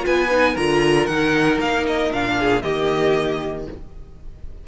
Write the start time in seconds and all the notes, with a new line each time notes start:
0.00 B3 F4 B4 G#5
0.30 D#4
0.53 D3 F4 A#4 A#5
1.06 D#3 D#4 F#5
1.59 A#3 F5
1.86 D#5
2.11 A#2 D4 F5
2.39 G#4
2.62 D#3 A#3 G4 D#5